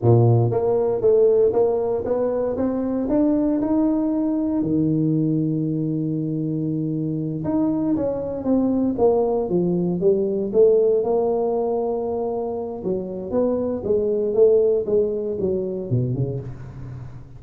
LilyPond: \new Staff \with { instrumentName = "tuba" } { \time 4/4 \tempo 4 = 117 ais,4 ais4 a4 ais4 | b4 c'4 d'4 dis'4~ | dis'4 dis2.~ | dis2~ dis8 dis'4 cis'8~ |
cis'8 c'4 ais4 f4 g8~ | g8 a4 ais2~ ais8~ | ais4 fis4 b4 gis4 | a4 gis4 fis4 b,8 cis8 | }